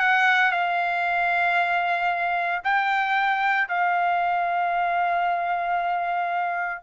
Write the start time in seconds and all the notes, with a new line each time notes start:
0.00 F#5
0.52 F5
2.65 G5
3.69 F5